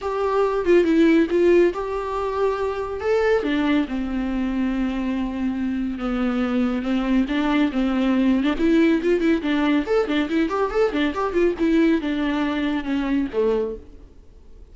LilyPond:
\new Staff \with { instrumentName = "viola" } { \time 4/4 \tempo 4 = 140 g'4. f'8 e'4 f'4 | g'2. a'4 | d'4 c'2.~ | c'2 b2 |
c'4 d'4 c'4.~ c'16 d'16 | e'4 f'8 e'8 d'4 a'8 d'8 | e'8 g'8 a'8 d'8 g'8 f'8 e'4 | d'2 cis'4 a4 | }